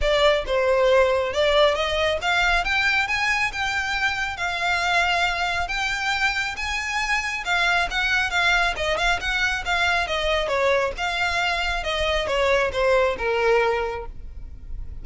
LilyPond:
\new Staff \with { instrumentName = "violin" } { \time 4/4 \tempo 4 = 137 d''4 c''2 d''4 | dis''4 f''4 g''4 gis''4 | g''2 f''2~ | f''4 g''2 gis''4~ |
gis''4 f''4 fis''4 f''4 | dis''8 f''8 fis''4 f''4 dis''4 | cis''4 f''2 dis''4 | cis''4 c''4 ais'2 | }